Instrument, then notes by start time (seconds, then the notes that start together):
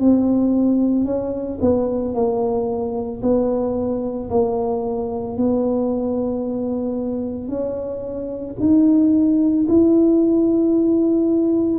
tuba
0.00 C4
1.05 C#4
1.61 B3
2.15 A#3
3.22 B3
4.30 A#3
5.37 B3
7.48 C#4
8.60 D#4
9.68 E4